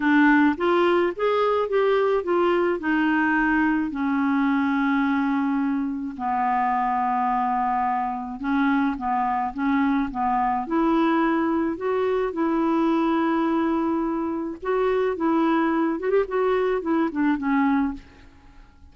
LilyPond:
\new Staff \with { instrumentName = "clarinet" } { \time 4/4 \tempo 4 = 107 d'4 f'4 gis'4 g'4 | f'4 dis'2 cis'4~ | cis'2. b4~ | b2. cis'4 |
b4 cis'4 b4 e'4~ | e'4 fis'4 e'2~ | e'2 fis'4 e'4~ | e'8 fis'16 g'16 fis'4 e'8 d'8 cis'4 | }